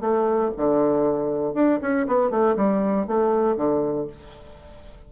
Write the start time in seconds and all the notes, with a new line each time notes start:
0.00 A3
0.56 D3
1.53 D4
1.81 C#4
2.07 B3
2.30 A3
2.56 G3
3.07 A3
3.56 D3